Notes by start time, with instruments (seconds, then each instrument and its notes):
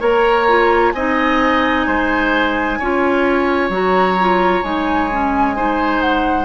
0.00 bassoon A#3, clarinet A#4, oboe C#5, flute A#5
0.48 clarinet F4
0.92 bassoon C4, clarinet D#4, oboe D#5, flute G#5
1.86 bassoon G#3, oboe C5
2.79 bassoon C#4, clarinet F4, oboe C#5
3.69 bassoon F#3, clarinet F#4, flute A#5
4.20 clarinet F4
4.63 bassoon G#3, clarinet D#4, flute G#5
5.11 clarinet C#4
5.56 clarinet D#4, oboe C5
6.01 flute F#5